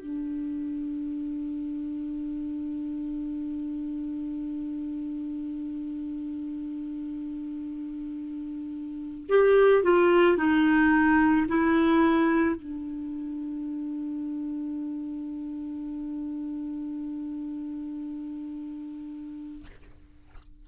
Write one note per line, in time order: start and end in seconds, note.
0.00 9.27 D4
9.29 9.84 G4
9.84 10.37 F4
10.37 11.46 D#4
11.48 12.56 E4
12.56 19.65 D4